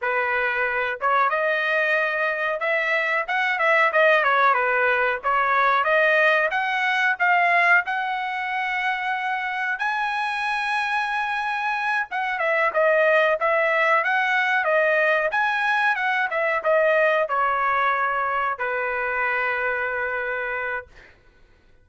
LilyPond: \new Staff \with { instrumentName = "trumpet" } { \time 4/4 \tempo 4 = 92 b'4. cis''8 dis''2 | e''4 fis''8 e''8 dis''8 cis''8 b'4 | cis''4 dis''4 fis''4 f''4 | fis''2. gis''4~ |
gis''2~ gis''8 fis''8 e''8 dis''8~ | dis''8 e''4 fis''4 dis''4 gis''8~ | gis''8 fis''8 e''8 dis''4 cis''4.~ | cis''8 b'2.~ b'8 | }